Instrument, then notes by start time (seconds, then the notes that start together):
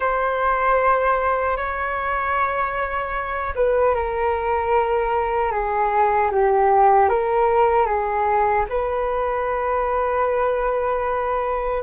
flute
0.00 C5
1.56 C#5
3.55 B4
3.95 A#4
5.51 G#4
6.31 G4
7.09 A#4
7.86 G#4
8.69 B4